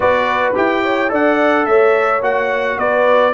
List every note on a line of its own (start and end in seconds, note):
0.00 0.54 B3
0.00 0.54 F#4
0.00 0.82 B4
0.00 0.53 D5
0.54 1.11 E4
0.54 1.08 G4
0.54 1.12 G5
0.82 1.10 C#5
1.08 1.66 D4
1.08 2.20 A4
1.08 1.66 D5
1.08 1.65 F#5
1.65 2.21 A3
1.65 2.78 C#5
1.65 2.21 E5
2.22 2.77 A#3
2.22 3.33 F#4
2.22 2.79 F#5
2.77 3.33 B3
2.77 3.33 B4
2.77 3.33 D5